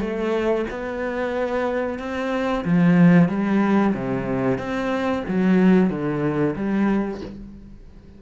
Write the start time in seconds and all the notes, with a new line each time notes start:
0.00 A3
0.70 B3
1.99 C4
2.64 F3
3.28 G3
3.94 C3
4.58 C4
5.28 F#3
5.90 D3
6.55 G3